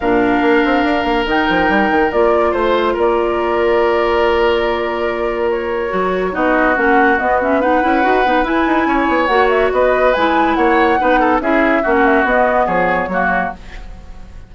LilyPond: <<
  \new Staff \with { instrumentName = "flute" } { \time 4/4 \tempo 4 = 142 f''2. g''4~ | g''4 d''4 c''4 d''4~ | d''1~ | d''4 cis''2 dis''4 |
fis''4 dis''8 e''8 fis''2 | gis''2 fis''8 e''8 dis''4 | gis''4 fis''2 e''4~ | e''16 fis''16 e''8 dis''4 cis''2 | }
  \new Staff \with { instrumentName = "oboe" } { \time 4/4 ais'1~ | ais'2 c''4 ais'4~ | ais'1~ | ais'2. fis'4~ |
fis'2 b'2~ | b'4 cis''2 b'4~ | b'4 cis''4 b'8 a'8 gis'4 | fis'2 gis'4 fis'4 | }
  \new Staff \with { instrumentName = "clarinet" } { \time 4/4 d'2. dis'4~ | dis'4 f'2.~ | f'1~ | f'2 fis'4 dis'4 |
cis'4 b8 cis'8 dis'8 e'8 fis'8 dis'8 | e'2 fis'2 | e'2 dis'4 e'4 | cis'4 b2 ais4 | }
  \new Staff \with { instrumentName = "bassoon" } { \time 4/4 ais,4 ais8 c'8 d'8 ais8 dis8 f8 | g8 dis8 ais4 a4 ais4~ | ais1~ | ais2 fis4 b4 |
ais4 b4. cis'8 dis'8 b8 | e'8 dis'8 cis'8 b8 ais4 b4 | gis4 ais4 b4 cis'4 | ais4 b4 f4 fis4 | }
>>